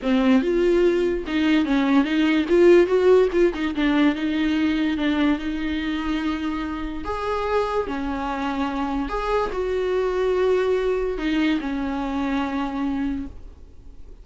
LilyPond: \new Staff \with { instrumentName = "viola" } { \time 4/4 \tempo 4 = 145 c'4 f'2 dis'4 | cis'4 dis'4 f'4 fis'4 | f'8 dis'8 d'4 dis'2 | d'4 dis'2.~ |
dis'4 gis'2 cis'4~ | cis'2 gis'4 fis'4~ | fis'2. dis'4 | cis'1 | }